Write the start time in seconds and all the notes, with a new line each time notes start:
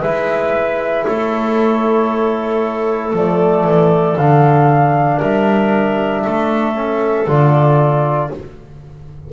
0.00 G#3 E4 B4 E5
1.05 A3 A4 C#5
3.13 F3 A3 D5
3.64 E3
4.16 D3 D4 F5
5.17 G3 A#4 E5
6.23 A3 A4
6.75 C#4
7.27 D3 F4 D5